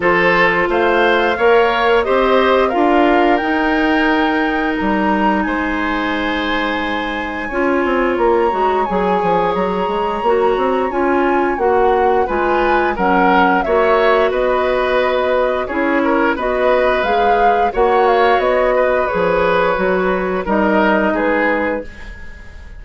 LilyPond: <<
  \new Staff \with { instrumentName = "flute" } { \time 4/4 \tempo 4 = 88 c''4 f''2 dis''4 | f''4 g''2 ais''4 | gis''1 | ais''4 gis''4 ais''2 |
gis''4 fis''4 gis''4 fis''4 | e''4 dis''2 cis''4 | dis''4 f''4 fis''8 f''8 dis''4 | cis''2 dis''4 b'4 | }
  \new Staff \with { instrumentName = "oboe" } { \time 4/4 a'4 c''4 cis''4 c''4 | ais'1 | c''2. cis''4~ | cis''1~ |
cis''2 b'4 ais'4 | cis''4 b'2 gis'8 ais'8 | b'2 cis''4. b'8~ | b'2 ais'4 gis'4 | }
  \new Staff \with { instrumentName = "clarinet" } { \time 4/4 f'2 ais'4 g'4 | f'4 dis'2.~ | dis'2. f'4~ | f'8 fis'8 gis'2 fis'4 |
f'4 fis'4 f'4 cis'4 | fis'2. e'4 | fis'4 gis'4 fis'2 | gis'4 fis'4 dis'2 | }
  \new Staff \with { instrumentName = "bassoon" } { \time 4/4 f4 a4 ais4 c'4 | d'4 dis'2 g4 | gis2. cis'8 c'8 | ais8 gis8 fis8 f8 fis8 gis8 ais8 c'8 |
cis'4 ais4 gis4 fis4 | ais4 b2 cis'4 | b4 gis4 ais4 b4 | f4 fis4 g4 gis4 | }
>>